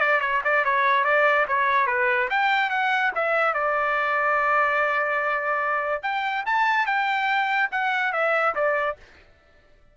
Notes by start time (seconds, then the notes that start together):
0.00 D5
0.21 C#5
0.44 D5
0.65 C#5
1.04 D5
1.48 C#5
1.87 B4
2.30 G5
2.70 F#5
3.15 E5
3.54 D5
6.03 G5
6.46 A5
6.86 G5
7.71 F#5
8.13 E5
8.55 D5